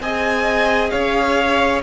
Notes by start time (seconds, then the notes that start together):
0.00 C4 G#4 D#5 G#5
0.90 C#4 C#5 F5